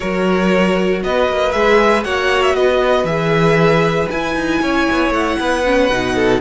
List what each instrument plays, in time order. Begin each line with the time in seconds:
0.00 cello F#3, viola F#4, violin A#4 C#5
1.03 cello B3, violin B4 D#5
1.29 cello A#3
1.52 cello G#3, viola G#4, violin E5
2.04 cello A#3, viola F#4, violin C#5 F#5
2.42 violin E5
2.54 cello B3, violin B4 D#5
3.04 cello E3, viola G#4, violin E5
4.10 cello E4, viola E4, violin G#5
4.35 cello D#4
4.61 cello C#4, violin C#5
4.91 cello B3
5.10 cello A3, violin F#5
5.39 cello B3, violin B4
5.65 viola C#4
5.89 cello B2, viola D#4
6.15 violin A4